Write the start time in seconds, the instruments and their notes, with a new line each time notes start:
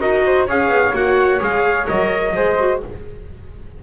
0.00 double bass D#4, viola F#4, flute A#4, trumpet D#5
0.26 flute C5
0.46 double bass C#4, viola G#4, flute C#5, trumpet F5
0.68 double bass B3
0.92 double bass A#3, viola F#4, trumpet F#5
1.40 double bass G#3, viola G#4, trumpet F5
1.88 double bass F#3, viola A#4, trumpet D#5
2.35 double bass G#3, viola G#4, flute C5
2.59 viola F#4